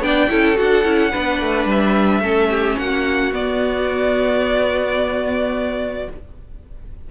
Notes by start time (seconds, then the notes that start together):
0.00 B3 D4 D5 G5
0.29 C#4 E4 A4
0.56 D4 F#4 F#5
0.84 C#4 E4
1.11 B3 D4 B4
1.41 A3
1.66 G3 E5
2.21 A3 C#4 A4
2.50 G4
2.78 A#3 F#4 F#5
3.32 B3 D5